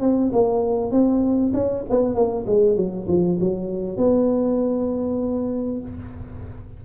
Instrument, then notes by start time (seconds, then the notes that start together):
tuba
0.00 C4
0.32 A#3
0.91 C4
1.53 C#4
1.89 B3
2.14 A#3
2.46 G#3
2.76 F#3
3.08 F3
3.40 F#3
3.97 B3